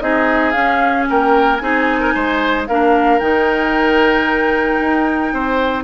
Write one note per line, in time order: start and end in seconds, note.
0.00 0.54 C4
0.00 0.53 D#4
0.00 1.09 G#4
0.00 0.51 D#5
0.51 1.60 C#4
0.51 1.07 C#4
0.51 1.04 F5
1.10 1.61 A#3
1.10 1.62 A#4
1.10 1.57 G5
1.57 2.14 C4
1.57 2.66 D#4
1.57 2.00 G#4
1.57 2.63 G#5
2.00 2.13 A#4
2.14 2.68 G#3
2.14 2.68 C5
2.67 3.20 A#3
2.67 3.21 D4
2.67 5.33 A#4
2.67 3.19 F5
3.19 4.79 D#3
3.19 5.84 D#4
3.19 5.84 G5
4.80 5.33 D#4
5.33 5.84 C4
5.33 5.84 C5